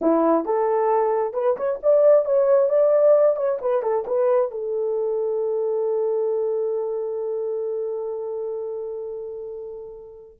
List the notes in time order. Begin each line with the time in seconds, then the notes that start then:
0.01 E4
0.45 A4
1.33 B4
1.56 C#5
1.82 D5
2.25 C#5
2.69 D5
3.36 C#5
3.61 B4
3.82 A4
4.06 B4
4.51 A4